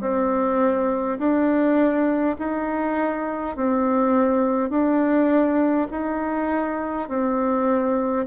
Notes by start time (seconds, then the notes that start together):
0.00 C4
1.18 D4
2.39 D#4
3.56 C4
4.70 D4
5.90 D#4
7.08 C4